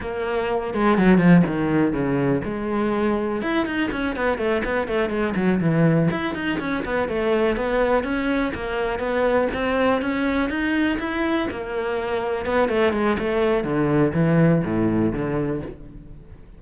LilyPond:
\new Staff \with { instrumentName = "cello" } { \time 4/4 \tempo 4 = 123 ais4. gis8 fis8 f8 dis4 | cis4 gis2 e'8 dis'8 | cis'8 b8 a8 b8 a8 gis8 fis8 e8~ | e8 e'8 dis'8 cis'8 b8 a4 b8~ |
b8 cis'4 ais4 b4 c'8~ | c'8 cis'4 dis'4 e'4 ais8~ | ais4. b8 a8 gis8 a4 | d4 e4 a,4 d4 | }